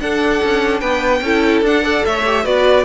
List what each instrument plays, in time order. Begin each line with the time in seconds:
0.00 cello D4, viola D4, violin A4 F#5
0.44 cello C#4
0.80 cello B3, violin B4 G5
1.21 cello C#4, viola E4, violin A4
1.61 cello D4, viola D4, violin F#5
1.83 viola A4, violin D5
2.06 cello A3, violin C#5 E5
2.26 viola G4
2.44 cello B3, viola F#4, violin B4 D5